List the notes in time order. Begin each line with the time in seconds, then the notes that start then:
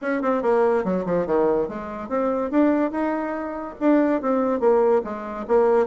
0.01 C#4
0.22 C4
0.42 A#3
0.84 F#3
1.05 F3
1.26 D#3
1.68 G#3
2.08 C4
2.50 D4
2.91 D#4
3.80 D4
4.21 C4
4.60 A#3
5.03 G#3
5.47 A#3